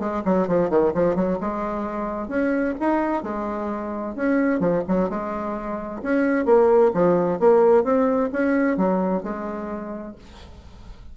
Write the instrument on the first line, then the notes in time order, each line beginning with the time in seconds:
bassoon
0.00 G#3
0.25 F#3
0.48 F3
0.70 D#3
0.95 F3
1.16 F#3
1.41 G#3
2.29 C#4
2.80 D#4
3.23 G#3
4.16 C#4
4.60 F3
4.88 F#3
5.10 G#3
6.03 C#4
6.46 A#3
6.94 F3
7.40 A#3
7.84 C4
8.33 C#4
8.77 F#3
9.23 G#3